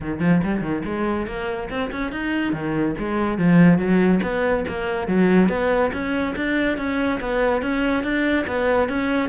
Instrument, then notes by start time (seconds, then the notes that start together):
cello
0.00 D#3
0.20 F3
0.43 G3
0.61 D#3
0.85 G#3
1.27 A#3
1.69 C4
1.91 C#4
2.12 D#4
2.52 D#3
2.98 G#3
3.38 F3
3.78 F#3
4.22 B3
4.68 A#3
5.07 F#3
5.49 B3
5.92 C#4
6.36 D4
6.77 C#4
7.20 B3
7.62 C#4
8.03 D4
8.46 B3
8.88 C#4